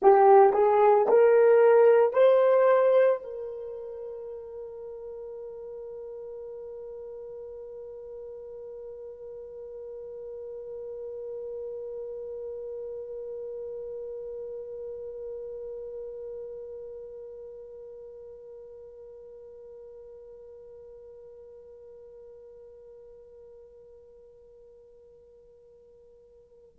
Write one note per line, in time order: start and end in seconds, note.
0.01 0.53 G4
0.53 1.06 G#4
1.08 2.13 A#4
2.13 3.20 C5
3.23 26.79 A#4